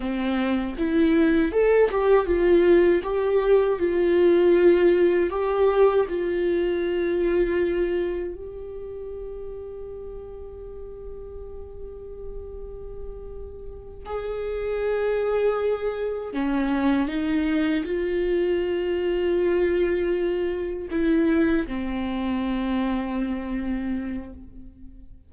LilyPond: \new Staff \with { instrumentName = "viola" } { \time 4/4 \tempo 4 = 79 c'4 e'4 a'8 g'8 f'4 | g'4 f'2 g'4 | f'2. g'4~ | g'1~ |
g'2~ g'8 gis'4.~ | gis'4. cis'4 dis'4 f'8~ | f'2.~ f'8 e'8~ | e'8 c'2.~ c'8 | }